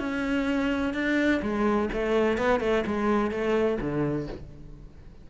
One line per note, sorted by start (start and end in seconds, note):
0.00 0.94 C#4
0.94 1.42 D4
1.43 1.90 G#3
1.93 2.38 A3
2.38 2.60 B3
2.60 2.84 A3
2.87 3.31 G#3
3.31 3.78 A3
3.81 4.28 D3